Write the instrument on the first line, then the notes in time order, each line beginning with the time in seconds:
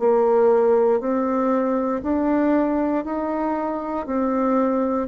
bassoon
0.00 A#3
1.01 C4
2.03 D4
3.05 D#4
4.07 C4